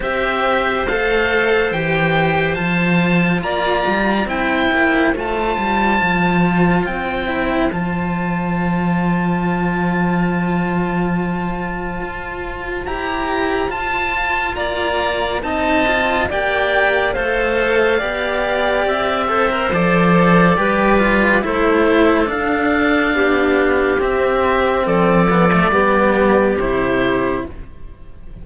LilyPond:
<<
  \new Staff \with { instrumentName = "oboe" } { \time 4/4 \tempo 4 = 70 e''4 f''4 g''4 a''4 | ais''4 g''4 a''2 | g''4 a''2.~ | a''2. ais''4 |
a''4 ais''4 a''4 g''4 | f''2 e''4 d''4~ | d''4 c''4 f''2 | e''4 d''2 c''4 | }
  \new Staff \with { instrumentName = "clarinet" } { \time 4/4 c''1 | d''4 c''2.~ | c''1~ | c''1~ |
c''4 d''4 dis''4 d''4 | c''4 d''4. c''4. | b'4 a'2 g'4~ | g'4 a'4 g'2 | }
  \new Staff \with { instrumentName = "cello" } { \time 4/4 g'4 a'4 g'4 f'4~ | f'4 e'4 f'2~ | f'8 e'8 f'2.~ | f'2. g'4 |
f'2 dis'8 f'8 g'4 | a'4 g'4. a'16 ais'16 a'4 | g'8 f'8 e'4 d'2 | c'4. b16 a16 b4 e'4 | }
  \new Staff \with { instrumentName = "cello" } { \time 4/4 c'4 a4 e4 f4 | ais8 g8 c'8 ais8 a8 g8 f4 | c'4 f2.~ | f2 f'4 e'4 |
f'4 ais4 c'4 ais4 | a4 b4 c'4 f4 | g4 a4 d'4 b4 | c'4 f4 g4 c4 | }
>>